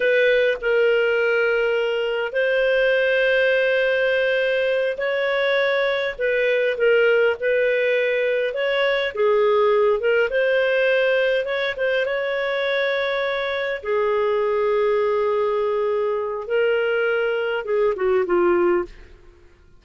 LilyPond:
\new Staff \with { instrumentName = "clarinet" } { \time 4/4 \tempo 4 = 102 b'4 ais'2. | c''1~ | c''8 cis''2 b'4 ais'8~ | ais'8 b'2 cis''4 gis'8~ |
gis'4 ais'8 c''2 cis''8 | c''8 cis''2. gis'8~ | gis'1 | ais'2 gis'8 fis'8 f'4 | }